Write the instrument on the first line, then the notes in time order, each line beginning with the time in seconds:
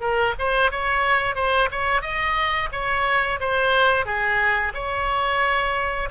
oboe
0.00 A#4
0.39 C5
0.71 C#5
1.35 C5
1.71 C#5
2.01 D#5
2.72 C#5
3.40 C5
4.05 G#4
4.74 C#5